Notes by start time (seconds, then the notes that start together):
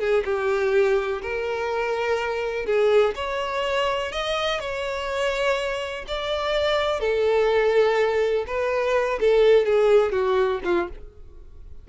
0.00 G#4
0.25 G4
1.22 A#4
2.67 G#4
3.16 C#5
4.12 D#5
4.60 C#5
6.08 D5
7.00 A4
8.47 B4
9.20 A4
9.66 G#4
10.13 F#4
10.65 F4